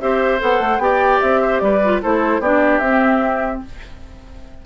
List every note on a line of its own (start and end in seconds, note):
0.00 0.41 C4
0.00 0.39 G4
0.00 0.82 C5
0.00 0.40 E5
0.39 0.59 B3
0.39 0.79 A4
0.39 0.79 F#5
0.59 0.78 A3
0.78 1.18 B3
0.78 1.81 G4
0.78 1.41 D5
0.78 1.20 G5
1.20 1.61 C4
1.20 1.59 E5
1.41 1.61 C5
1.59 2.01 G3
1.59 2.02 B4
1.59 1.99 D5
1.84 2.02 F4
2.02 2.39 A3
2.02 2.42 E4
2.02 2.40 A4
2.02 2.42 C5
2.39 2.79 B3
2.39 2.83 D4
2.39 3.61 G4
2.39 2.79 D5
2.79 3.60 C4
2.79 3.59 E5
2.85 3.65 C4